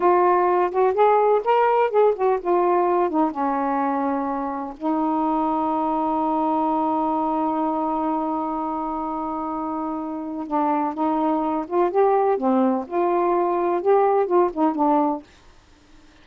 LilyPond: \new Staff \with { instrumentName = "saxophone" } { \time 4/4 \tempo 4 = 126 f'4. fis'8 gis'4 ais'4 | gis'8 fis'8 f'4. dis'8 cis'4~ | cis'2 dis'2~ | dis'1~ |
dis'1~ | dis'2 d'4 dis'4~ | dis'8 f'8 g'4 c'4 f'4~ | f'4 g'4 f'8 dis'8 d'4 | }